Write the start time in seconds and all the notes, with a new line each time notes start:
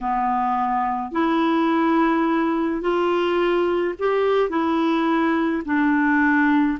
0.01 B3
1.11 E4
2.81 F4
3.98 G4
4.49 E4
5.65 D4